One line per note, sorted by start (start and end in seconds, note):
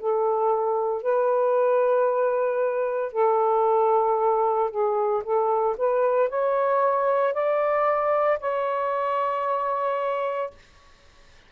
0.00 1.03 A4
1.03 3.13 B4
3.13 4.71 A4
4.71 5.23 G#4
5.24 5.77 A4
5.78 6.30 B4
6.30 7.34 C#5
7.34 8.39 D5
8.41 10.51 C#5